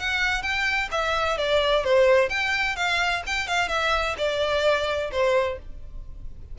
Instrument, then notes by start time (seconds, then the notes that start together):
violin
0.00 F#5
0.43 G5
0.92 E5
1.38 D5
1.85 C5
2.30 G5
2.77 F5
3.27 G5
3.48 F5
3.69 E5
4.18 D5
5.12 C5